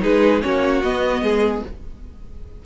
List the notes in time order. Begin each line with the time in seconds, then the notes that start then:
0.00 G#3 D#4 G#4 B4
0.41 A#3 C#4 F#4 C#5
0.82 B3 D#5
1.22 G#3 G#4